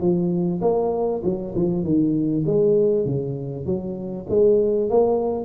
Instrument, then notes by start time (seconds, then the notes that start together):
tuba
0.00 F3
0.61 A#3
1.24 F#3
1.55 F3
1.83 D#3
2.46 G#3
3.05 C#3
3.66 F#3
4.29 G#3
4.90 A#3